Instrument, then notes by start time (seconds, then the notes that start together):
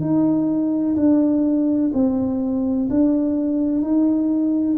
tuba
0.00 D#4
0.96 D4
1.94 C4
2.90 D4
3.81 D#4